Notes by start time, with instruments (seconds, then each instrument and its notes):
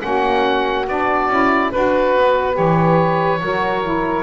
0.00 double bass A#3, saxophone C#4 F#4, oboe F#5
0.87 double bass B3, saxophone D4, oboe D5
1.28 double bass C#4, saxophone E4
1.70 double bass D4, saxophone F#4 B4, oboe B4
2.16 double bass B3
2.53 double bass E3, saxophone G4, oboe C#5
3.40 double bass F#3, saxophone F#4 A#4
3.83 saxophone E4